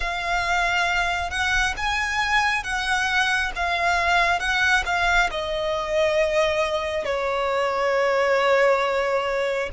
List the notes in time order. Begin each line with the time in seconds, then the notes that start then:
0.00 F5
1.30 F#5
1.76 G#5
2.63 F#5
3.55 F5
4.39 F#5
4.85 F5
5.30 D#5
7.04 C#5